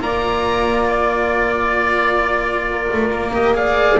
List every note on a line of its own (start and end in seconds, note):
0.00 2.88 A#3
0.00 3.31 F4
0.00 2.68 D5
0.00 0.89 A#5
0.89 3.32 D5
2.70 3.57 A#4
2.92 3.10 A3
3.10 3.99 A#3
3.33 3.54 G4
3.33 3.55 D#5
3.54 3.98 G#4
3.54 4.00 D5
3.54 3.99 F5